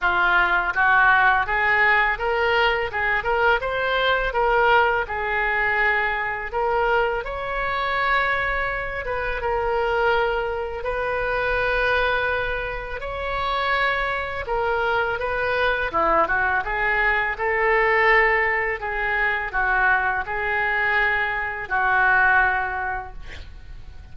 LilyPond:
\new Staff \with { instrumentName = "oboe" } { \time 4/4 \tempo 4 = 83 f'4 fis'4 gis'4 ais'4 | gis'8 ais'8 c''4 ais'4 gis'4~ | gis'4 ais'4 cis''2~ | cis''8 b'8 ais'2 b'4~ |
b'2 cis''2 | ais'4 b'4 e'8 fis'8 gis'4 | a'2 gis'4 fis'4 | gis'2 fis'2 | }